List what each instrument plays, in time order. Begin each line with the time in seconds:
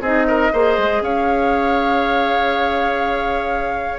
0.00 bassoon C4, clarinet D#4, oboe G#4, flute D#5
0.27 oboe A#4
0.52 bassoon A#3, clarinet G#4, oboe C5
0.77 bassoon G#3
1.01 bassoon C#4, oboe C#5, flute F5